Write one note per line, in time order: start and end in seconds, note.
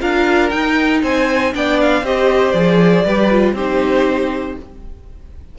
0.00 0.52 D4
0.00 0.51 F4
0.00 1.02 A#4
0.00 0.49 F5
0.49 1.03 D#4
0.49 1.53 D#4
0.49 1.00 G5
1.02 1.53 C4
1.02 1.53 C5
1.02 1.54 G#5
1.53 2.02 B3
1.53 2.04 D4
1.53 2.03 D5
1.53 1.80 G5
1.81 2.06 F5
2.02 2.53 C4
2.02 2.55 G4
2.02 3.05 C5
2.02 2.51 D#5
2.51 3.04 F3
2.51 3.05 G#4
2.51 3.53 D5
3.05 3.53 G3
3.05 3.31 G4
3.05 3.54 B4
3.31 3.56 F4
3.53 4.55 C4
3.53 4.58 D#4
3.53 4.56 G4
3.53 4.58 C5